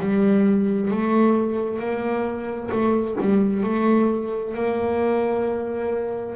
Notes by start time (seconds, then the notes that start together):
0.00 G3
0.91 A3
1.79 A#3
2.71 A3
3.21 G3
3.64 A3
4.55 A#3